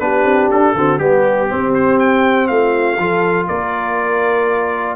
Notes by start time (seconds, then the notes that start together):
0.00 B3 D4 G4 B4
0.25 C4
0.51 D4 A4
0.75 D3 C4 F#4
0.99 G3 B3 G4
1.49 C4
1.74 C5
2.00 G5
2.48 A3 F4 F5
2.98 F3 F4 A4
3.47 A#3 A#4 D5